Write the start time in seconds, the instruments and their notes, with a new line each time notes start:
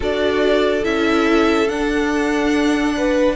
0.00 cello D4, viola F#4, violin A4 D5
0.83 cello C#4, viola E4, violin E5
1.68 cello D4, viola D4, violin F#5
2.97 violin B4